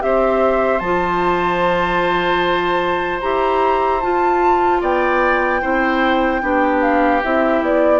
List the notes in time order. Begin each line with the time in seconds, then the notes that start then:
0.00 C4 G4 C5 E5
0.79 F3 F4 A5
3.21 E4 G4 A#5
4.00 F4 A5
4.81 B3 D5 G5
5.61 C4 E4 C5
6.42 B3 D4 G4
6.82 F5
7.24 C4 E4 E5
7.62 B3 D5